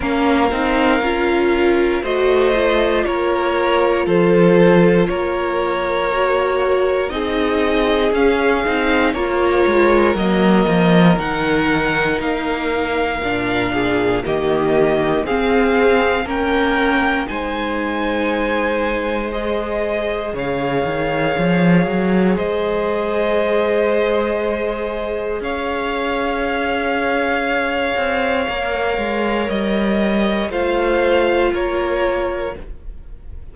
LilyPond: <<
  \new Staff \with { instrumentName = "violin" } { \time 4/4 \tempo 4 = 59 f''2 dis''4 cis''4 | c''4 cis''2 dis''4 | f''4 cis''4 dis''4 fis''4 | f''2 dis''4 f''4 |
g''4 gis''2 dis''4 | f''2 dis''2~ | dis''4 f''2.~ | f''4 dis''4 f''4 cis''4 | }
  \new Staff \with { instrumentName = "violin" } { \time 4/4 ais'2 c''4 ais'4 | a'4 ais'2 gis'4~ | gis'4 ais'2.~ | ais'4. gis'8 g'4 gis'4 |
ais'4 c''2. | cis''2 c''2~ | c''4 cis''2.~ | cis''2 c''4 ais'4 | }
  \new Staff \with { instrumentName = "viola" } { \time 4/4 cis'8 dis'8 f'4 fis'8 f'4.~ | f'2 fis'4 dis'4 | cis'8 dis'8 f'4 ais4 dis'4~ | dis'4 d'4 ais4 c'4 |
cis'4 dis'2 gis'4~ | gis'1~ | gis'1 | ais'2 f'2 | }
  \new Staff \with { instrumentName = "cello" } { \time 4/4 ais8 c'8 cis'4 a4 ais4 | f4 ais2 c'4 | cis'8 c'8 ais8 gis8 fis8 f8 dis4 | ais4 ais,4 dis4 c'4 |
ais4 gis2. | cis8 dis8 f8 fis8 gis2~ | gis4 cis'2~ cis'8 c'8 | ais8 gis8 g4 a4 ais4 | }
>>